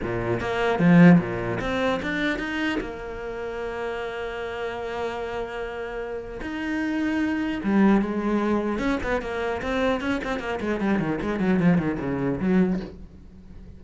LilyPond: \new Staff \with { instrumentName = "cello" } { \time 4/4 \tempo 4 = 150 ais,4 ais4 f4 ais,4 | c'4 d'4 dis'4 ais4~ | ais1~ | ais1 |
dis'2. g4 | gis2 cis'8 b8 ais4 | c'4 cis'8 c'8 ais8 gis8 g8 dis8 | gis8 fis8 f8 dis8 cis4 fis4 | }